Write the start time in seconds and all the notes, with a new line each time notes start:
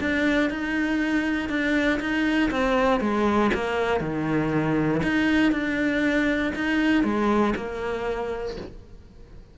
0.00 D4
0.50 D#4
1.49 D4
2.00 D#4
2.50 C4
3.00 G#3
3.54 A#3
4.00 D#3
5.03 D#4
5.52 D4
6.55 D#4
7.03 G#3
7.56 A#3